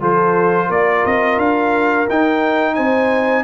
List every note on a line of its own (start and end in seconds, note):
0.00 0.69 F3
0.00 2.07 F4
0.00 0.67 A4
0.00 0.71 C5
0.67 1.04 A#3
0.67 2.74 A#4
0.67 1.06 D5
1.05 1.37 C4
1.05 1.39 D#5
1.37 2.06 D4
1.37 2.08 F5
2.09 2.78 D#4
2.09 3.44 D#4
2.09 2.75 G5
2.75 3.44 C4
2.75 3.44 C5
2.75 3.44 G#5